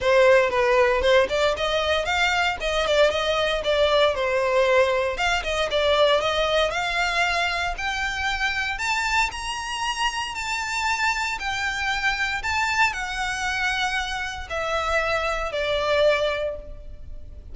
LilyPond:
\new Staff \with { instrumentName = "violin" } { \time 4/4 \tempo 4 = 116 c''4 b'4 c''8 d''8 dis''4 | f''4 dis''8 d''8 dis''4 d''4 | c''2 f''8 dis''8 d''4 | dis''4 f''2 g''4~ |
g''4 a''4 ais''2 | a''2 g''2 | a''4 fis''2. | e''2 d''2 | }